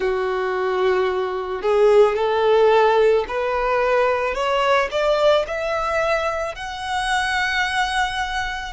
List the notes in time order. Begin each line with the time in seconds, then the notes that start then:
0.00 F#4
1.62 G#4
2.15 A4
3.27 B4
4.34 C#5
4.91 D5
5.47 E5
6.55 F#5